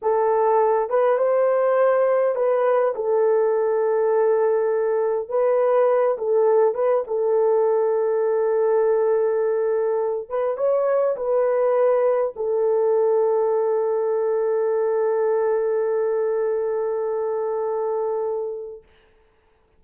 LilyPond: \new Staff \with { instrumentName = "horn" } { \time 4/4 \tempo 4 = 102 a'4. b'8 c''2 | b'4 a'2.~ | a'4 b'4. a'4 b'8 | a'1~ |
a'4. b'8 cis''4 b'4~ | b'4 a'2.~ | a'1~ | a'1 | }